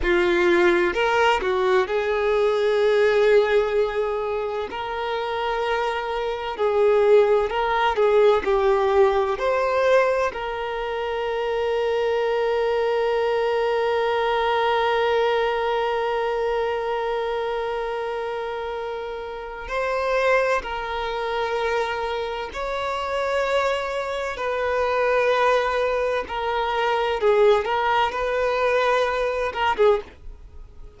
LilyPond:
\new Staff \with { instrumentName = "violin" } { \time 4/4 \tempo 4 = 64 f'4 ais'8 fis'8 gis'2~ | gis'4 ais'2 gis'4 | ais'8 gis'8 g'4 c''4 ais'4~ | ais'1~ |
ais'1~ | ais'4 c''4 ais'2 | cis''2 b'2 | ais'4 gis'8 ais'8 b'4. ais'16 gis'16 | }